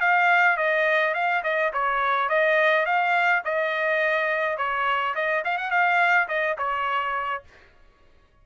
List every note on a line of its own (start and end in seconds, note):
0.00 0.57 F5
0.57 1.14 D#5
1.14 1.43 F5
1.43 1.72 D#5
1.73 2.29 C#5
2.29 2.85 D#5
2.85 3.43 F5
3.45 4.57 D#5
4.57 5.15 C#5
5.15 5.43 D#5
5.44 5.58 F5
5.58 5.71 F#5
5.71 6.28 F5
6.28 6.57 D#5
6.58 7.43 C#5